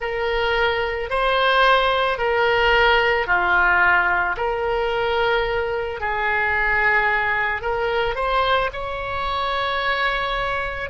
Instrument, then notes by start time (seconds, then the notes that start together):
oboe
0.00 A#4
1.10 C5
2.18 A#4
3.26 F4
4.36 A#4
6.00 G#4
7.61 A#4
8.15 C5
8.73 C#5